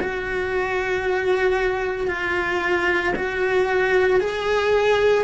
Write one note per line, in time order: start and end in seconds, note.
0.00 2.08 F#4
2.08 3.13 F4
3.15 4.20 F#4
4.20 5.24 G#4